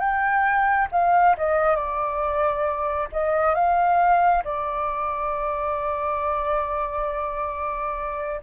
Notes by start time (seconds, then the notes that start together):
0.00 G5
0.92 F5
1.38 D#5
1.76 D5
3.12 D#5
3.55 F5
4.44 D5